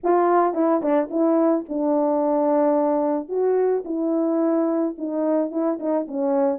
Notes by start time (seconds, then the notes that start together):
0.03 F4
0.54 E4
0.82 D4
1.10 E4
1.68 D4
3.28 F#4
3.84 E4
4.97 D#4
5.51 E4
5.79 D#4
6.07 C#4